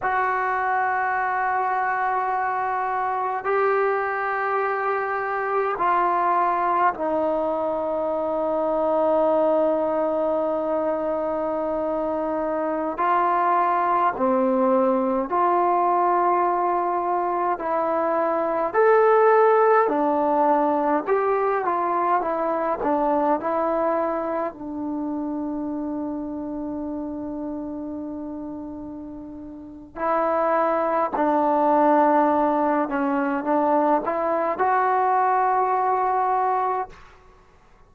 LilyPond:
\new Staff \with { instrumentName = "trombone" } { \time 4/4 \tempo 4 = 52 fis'2. g'4~ | g'4 f'4 dis'2~ | dis'2.~ dis'16 f'8.~ | f'16 c'4 f'2 e'8.~ |
e'16 a'4 d'4 g'8 f'8 e'8 d'16~ | d'16 e'4 d'2~ d'8.~ | d'2 e'4 d'4~ | d'8 cis'8 d'8 e'8 fis'2 | }